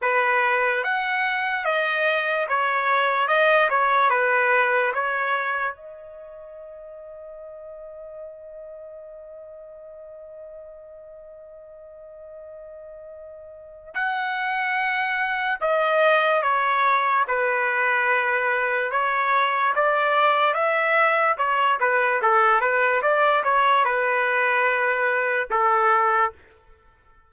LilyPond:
\new Staff \with { instrumentName = "trumpet" } { \time 4/4 \tempo 4 = 73 b'4 fis''4 dis''4 cis''4 | dis''8 cis''8 b'4 cis''4 dis''4~ | dis''1~ | dis''1~ |
dis''4 fis''2 dis''4 | cis''4 b'2 cis''4 | d''4 e''4 cis''8 b'8 a'8 b'8 | d''8 cis''8 b'2 a'4 | }